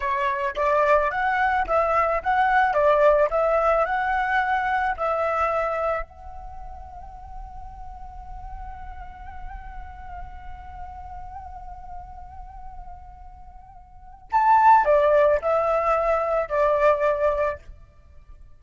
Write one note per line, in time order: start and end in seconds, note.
0.00 0.55 C#5
0.55 1.10 D5
1.10 1.65 F#5
1.67 2.22 E5
2.22 2.73 F#5
2.73 3.29 D5
3.30 3.85 E5
3.85 4.95 F#5
4.96 6.02 E5
6.02 14.28 F#5
14.32 14.84 A5
14.84 15.39 D5
15.41 16.48 E5
16.48 17.58 D5